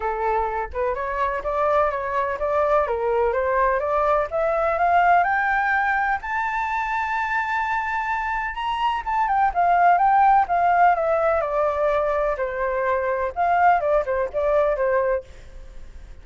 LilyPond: \new Staff \with { instrumentName = "flute" } { \time 4/4 \tempo 4 = 126 a'4. b'8 cis''4 d''4 | cis''4 d''4 ais'4 c''4 | d''4 e''4 f''4 g''4~ | g''4 a''2.~ |
a''2 ais''4 a''8 g''8 | f''4 g''4 f''4 e''4 | d''2 c''2 | f''4 d''8 c''8 d''4 c''4 | }